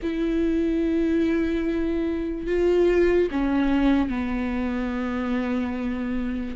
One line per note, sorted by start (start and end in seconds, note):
0.02 2.47 E4
2.47 3.29 F4
3.31 4.09 C#4
4.09 6.55 B3